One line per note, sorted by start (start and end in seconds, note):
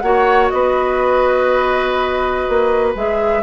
0.00 0.51 A#3
0.00 2.95 F#4
0.00 0.53 C#5
0.00 0.49 F#5
0.49 2.48 B3
0.49 3.43 B4
0.49 2.93 D#5
2.49 2.95 A#3
2.95 3.43 G#3
2.95 3.43 G#4
2.95 3.43 E5